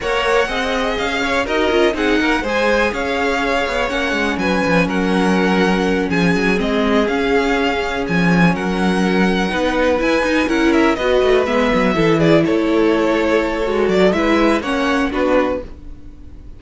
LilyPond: <<
  \new Staff \with { instrumentName = "violin" } { \time 4/4 \tempo 4 = 123 fis''2 f''4 dis''4 | fis''4 gis''4 f''2 | fis''4 gis''4 fis''2~ | fis''8 gis''4 dis''4 f''4.~ |
f''8 gis''4 fis''2~ fis''8~ | fis''8 gis''4 fis''8 e''8 dis''4 e''8~ | e''4 d''8 cis''2~ cis''8~ | cis''8 d''8 e''4 fis''4 b'4 | }
  \new Staff \with { instrumentName = "violin" } { \time 4/4 cis''4 dis''4. cis''8 ais'4 | gis'8 ais'8 c''4 cis''2~ | cis''4 b'4 ais'2~ | ais'8 gis'2.~ gis'8~ |
gis'4. ais'2 b'8~ | b'4. ais'4 b'4.~ | b'8 a'8 gis'8 a'2~ a'8~ | a'4 b'4 cis''4 fis'4 | }
  \new Staff \with { instrumentName = "viola" } { \time 4/4 ais'4 gis'2 fis'8 f'8 | dis'4 gis'2. | cis'1~ | cis'4. c'4 cis'4.~ |
cis'2.~ cis'8 dis'8~ | dis'8 e'8 dis'8 e'4 fis'4 b8~ | b8 e'2.~ e'8 | fis'4 e'4 cis'4 d'4 | }
  \new Staff \with { instrumentName = "cello" } { \time 4/4 ais4 c'4 cis'4 dis'8 cis'8 | c'8 ais8 gis4 cis'4. b8 | ais8 gis8 fis8 f8 fis2~ | fis8 f8 fis8 gis4 cis'4.~ |
cis'8 f4 fis2 b8~ | b8 e'8 dis'8 cis'4 b8 a8 gis8 | fis8 e4 a2~ a8 | gis8 fis8 gis4 ais4 b4 | }
>>